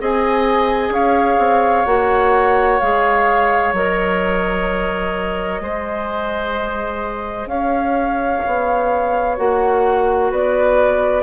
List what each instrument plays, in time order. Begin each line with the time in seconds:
0.00 bassoon C4, clarinet G#4, oboe D#5, flute G#5
0.90 bassoon C#4, oboe C#5, flute F5
1.38 bassoon C4
1.86 bassoon A#3, clarinet F#4, flute F#5
2.79 bassoon G#3, clarinet G#4, flute F5
3.72 bassoon F#3, clarinet A#4, flute D#5
5.60 bassoon G#3, clarinet G#4, oboe C5
7.46 bassoon C#4, oboe C#5, flute F5
8.46 bassoon B3
9.37 bassoon A#3, clarinet F#4, flute F#5
10.30 bassoon B3, oboe B4, flute D5